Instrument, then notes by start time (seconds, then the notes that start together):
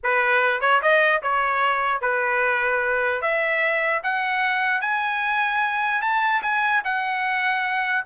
trumpet
0.03 B4
0.60 C#5
0.81 D#5
1.22 C#5
2.01 B4
3.21 E5
4.03 F#5
4.81 G#5
6.01 A5
6.42 G#5
6.84 F#5